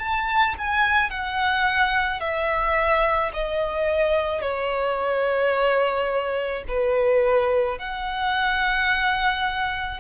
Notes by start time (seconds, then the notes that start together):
0.00 A5
0.59 G#5
1.11 F#5
2.21 E5
3.34 D#5
4.42 C#5
6.69 B4
7.79 F#5